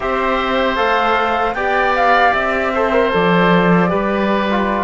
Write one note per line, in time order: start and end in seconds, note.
0.00 0.78 C4
0.00 0.76 G4
0.00 1.55 C5
0.00 0.76 E5
0.76 1.54 A3
0.76 1.54 A4
0.76 1.54 F5
1.54 2.32 B3
1.54 2.73 G4
1.54 2.72 D5
1.54 1.93 G5
1.95 2.33 F5
2.33 3.12 C4
2.33 3.11 E5
2.73 2.92 A4
2.73 3.89 C5
2.92 3.11 A#4
3.11 3.92 F3
3.11 3.88 A4
3.11 4.83 D5
3.88 4.83 G3
3.88 4.47 G4
3.88 4.83 B4
4.50 4.83 F4